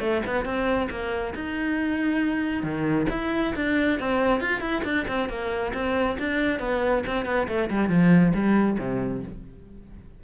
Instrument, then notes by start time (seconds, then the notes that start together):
cello
0.00 A3
0.26 B3
0.45 C4
0.90 A#3
1.35 D#4
2.63 D#3
3.10 E4
3.56 D4
4.00 C4
4.41 F4
4.61 E4
4.84 D4
5.08 C4
5.29 A#3
5.74 C4
6.19 D4
6.60 B3
7.07 C4
7.25 B3
7.48 A3
7.70 G3
7.89 F3
8.34 G3
8.79 C3